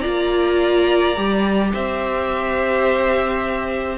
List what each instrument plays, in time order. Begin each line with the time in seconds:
0.00 cello A#3, viola F4, violin D5 A#5
1.17 cello G3, viola G4
1.73 cello C4, violin C5 E5